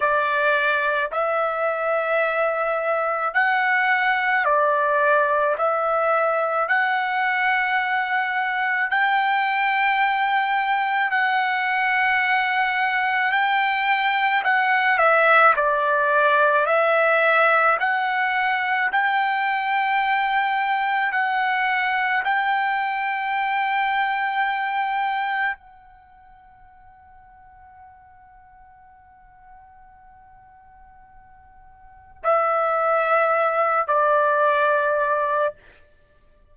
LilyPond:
\new Staff \with { instrumentName = "trumpet" } { \time 4/4 \tempo 4 = 54 d''4 e''2 fis''4 | d''4 e''4 fis''2 | g''2 fis''2 | g''4 fis''8 e''8 d''4 e''4 |
fis''4 g''2 fis''4 | g''2. fis''4~ | fis''1~ | fis''4 e''4. d''4. | }